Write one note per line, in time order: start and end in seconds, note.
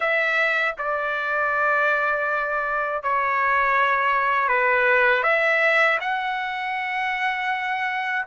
0.00 0.75 E5
0.78 3.02 D5
3.02 4.48 C#5
4.48 5.23 B4
5.23 5.98 E5
6.00 8.25 F#5